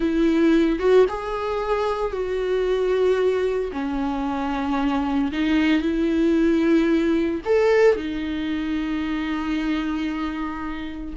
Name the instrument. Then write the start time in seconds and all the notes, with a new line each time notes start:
viola
0.00 E4
0.79 F#4
1.08 G#4
2.11 F#4
3.72 C#4
5.31 D#4
5.81 E4
7.45 A4
7.95 D#4